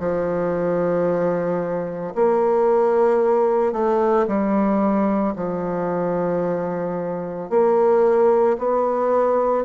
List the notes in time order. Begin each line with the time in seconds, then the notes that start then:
0.00 F3
2.15 A#3
3.73 A3
4.28 G3
5.36 F3
7.50 A#3
8.59 B3